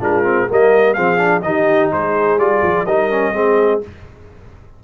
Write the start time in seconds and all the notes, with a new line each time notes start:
0.00 G#3 D4 F4 A#4
0.24 C4
0.47 G3 A#3 A#4 D#5
0.93 F3 C4 G#4 F5
1.17 D4
1.42 D#3 D#4 G4 D#5
1.92 G#3 G#4 C5
2.37 G3 F4 D5
2.62 F3
2.85 G3 D#4 A#4 D#5
3.10 C#4
3.33 G#3 C4 G#4